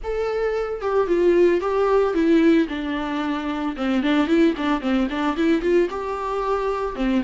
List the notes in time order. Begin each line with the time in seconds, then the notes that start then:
0.03 A4
0.81 G4
1.07 F4
1.60 G4
2.14 E4
2.68 D4
3.76 C4
4.03 D4
4.27 E4
4.57 D4
4.80 C4
5.09 D4
5.36 E4
5.61 F4
5.90 G4
6.95 C4